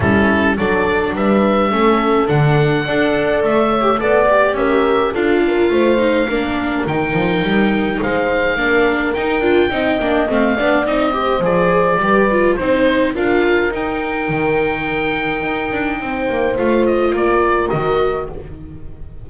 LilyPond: <<
  \new Staff \with { instrumentName = "oboe" } { \time 4/4 \tempo 4 = 105 a'4 d''4 e''2 | fis''2 e''4 d''4 | e''4 f''2. | g''2 f''2 |
g''2 f''4 dis''4 | d''2 c''4 f''4 | g''1~ | g''4 f''8 dis''8 d''4 dis''4 | }
  \new Staff \with { instrumentName = "horn" } { \time 4/4 e'4 a'4 b'4 a'4~ | a'4 d''4. cis''8 d''4 | ais'4 a'8 ais'8 c''4 ais'4~ | ais'2 c''4 ais'4~ |
ais'4 dis''4. d''4 c''8~ | c''4 b'4 c''4 ais'4~ | ais'1 | c''2 ais'2 | }
  \new Staff \with { instrumentName = "viola" } { \time 4/4 cis'4 d'2 cis'4 | d'4 a'4.~ a'16 g'16 a'8 g'8~ | g'4 f'4. dis'8 d'4 | dis'2. d'4 |
dis'8 f'8 dis'8 d'8 c'8 d'8 dis'8 g'8 | gis'4 g'8 f'8 dis'4 f'4 | dis'1~ | dis'4 f'2 fis'4 | }
  \new Staff \with { instrumentName = "double bass" } { \time 4/4 g4 fis4 g4 a4 | d4 d'4 a4 b4 | cis'4 d'4 a4 ais4 | dis8 f8 g4 gis4 ais4 |
dis'8 d'8 c'8 ais8 a8 b8 c'4 | f4 g4 c'4 d'4 | dis'4 dis2 dis'8 d'8 | c'8 ais8 a4 ais4 dis4 | }
>>